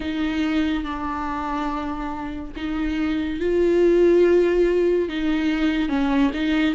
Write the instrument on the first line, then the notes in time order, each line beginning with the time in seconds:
viola
0.00 D#4
0.83 D4
2.55 D#4
3.40 F4
5.08 D#4
5.88 C#4
6.33 D#4